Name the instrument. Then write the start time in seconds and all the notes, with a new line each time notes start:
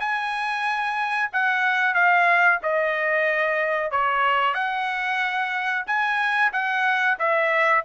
trumpet
0.00 G#5
1.33 F#5
1.94 F5
2.62 D#5
3.91 C#5
4.54 F#5
5.87 G#5
6.52 F#5
7.19 E5